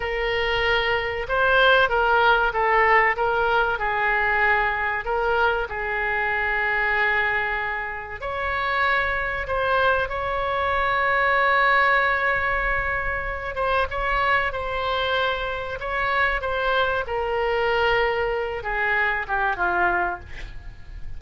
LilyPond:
\new Staff \with { instrumentName = "oboe" } { \time 4/4 \tempo 4 = 95 ais'2 c''4 ais'4 | a'4 ais'4 gis'2 | ais'4 gis'2.~ | gis'4 cis''2 c''4 |
cis''1~ | cis''4. c''8 cis''4 c''4~ | c''4 cis''4 c''4 ais'4~ | ais'4. gis'4 g'8 f'4 | }